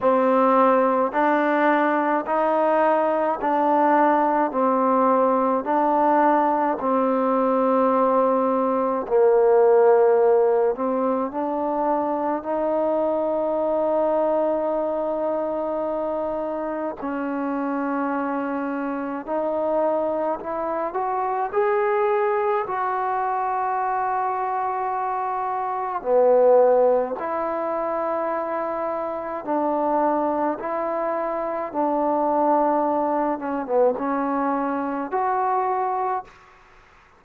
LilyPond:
\new Staff \with { instrumentName = "trombone" } { \time 4/4 \tempo 4 = 53 c'4 d'4 dis'4 d'4 | c'4 d'4 c'2 | ais4. c'8 d'4 dis'4~ | dis'2. cis'4~ |
cis'4 dis'4 e'8 fis'8 gis'4 | fis'2. b4 | e'2 d'4 e'4 | d'4. cis'16 b16 cis'4 fis'4 | }